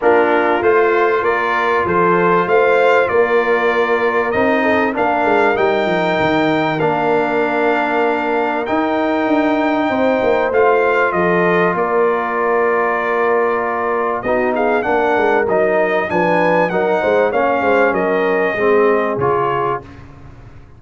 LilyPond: <<
  \new Staff \with { instrumentName = "trumpet" } { \time 4/4 \tempo 4 = 97 ais'4 c''4 d''4 c''4 | f''4 d''2 dis''4 | f''4 g''2 f''4~ | f''2 g''2~ |
g''4 f''4 dis''4 d''4~ | d''2. dis''8 f''8 | fis''4 dis''4 gis''4 fis''4 | f''4 dis''2 cis''4 | }
  \new Staff \with { instrumentName = "horn" } { \time 4/4 f'2 ais'4 a'4 | c''4 ais'2~ ais'8 a'8 | ais'1~ | ais'1 |
c''2 a'4 ais'4~ | ais'2. fis'8 gis'8 | ais'2 b'4 ais'8 c''8 | cis''8 c''8 ais'4 gis'2 | }
  \new Staff \with { instrumentName = "trombone" } { \time 4/4 d'4 f'2.~ | f'2. dis'4 | d'4 dis'2 d'4~ | d'2 dis'2~ |
dis'4 f'2.~ | f'2. dis'4 | d'4 dis'4 d'4 dis'4 | cis'2 c'4 f'4 | }
  \new Staff \with { instrumentName = "tuba" } { \time 4/4 ais4 a4 ais4 f4 | a4 ais2 c'4 | ais8 gis8 g8 f8 dis4 ais4~ | ais2 dis'4 d'4 |
c'8 ais8 a4 f4 ais4~ | ais2. b4 | ais8 gis8 fis4 f4 fis8 gis8 | ais8 gis8 fis4 gis4 cis4 | }
>>